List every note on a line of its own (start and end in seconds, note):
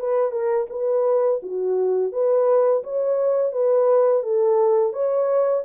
0.00 0.32 B4
0.32 0.67 A#4
0.70 1.41 B4
1.43 2.12 F#4
2.12 2.83 B4
2.84 3.53 C#5
3.53 4.23 B4
4.23 4.93 A4
4.93 5.63 C#5